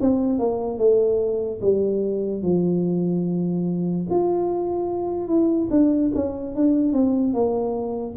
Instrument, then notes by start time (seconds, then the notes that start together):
tuba
0.00 C4
0.39 A#3
0.78 A3
1.61 G3
2.42 F3
4.10 F4
5.27 E4
5.70 D4
6.15 C#4
6.55 D4
6.93 C4
7.33 A#3